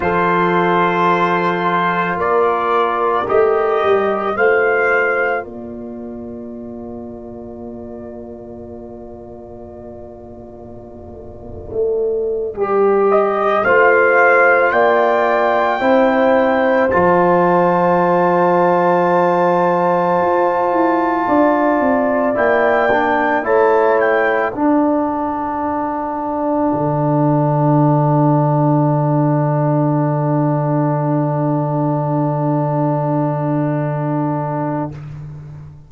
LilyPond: <<
  \new Staff \with { instrumentName = "trumpet" } { \time 4/4 \tempo 4 = 55 c''2 d''4 dis''4 | f''4 d''2.~ | d''1 | dis''8 f''4 g''2 a''8~ |
a''1~ | a''8 g''4 a''8 g''8 fis''4.~ | fis''1~ | fis''1 | }
  \new Staff \with { instrumentName = "horn" } { \time 4/4 a'2 ais'2 | c''4 ais'2.~ | ais'1~ | ais'8 c''4 d''4 c''4.~ |
c''2.~ c''8 d''8~ | d''4. cis''4 a'4.~ | a'1~ | a'1 | }
  \new Staff \with { instrumentName = "trombone" } { \time 4/4 f'2. g'4 | f'1~ | f'2.~ f'8 g'8~ | g'8 f'2 e'4 f'8~ |
f'1~ | f'8 e'8 d'8 e'4 d'4.~ | d'1~ | d'1 | }
  \new Staff \with { instrumentName = "tuba" } { \time 4/4 f2 ais4 a8 g8 | a4 ais2.~ | ais2~ ais8. a8. g8~ | g8 a4 ais4 c'4 f8~ |
f2~ f8 f'8 e'8 d'8 | c'8 ais4 a4 d'4.~ | d'8 d2.~ d8~ | d1 | }
>>